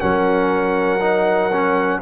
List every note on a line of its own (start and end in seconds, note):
0.00 2.02 F#3
0.00 1.00 C#4
0.00 2.01 A#4
0.00 2.01 F#5
1.01 1.51 D#4
1.53 2.02 C#4